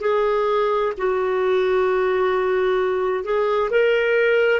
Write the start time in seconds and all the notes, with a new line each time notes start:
0.00 G#4
0.97 F#4
3.23 G#4
3.70 A#4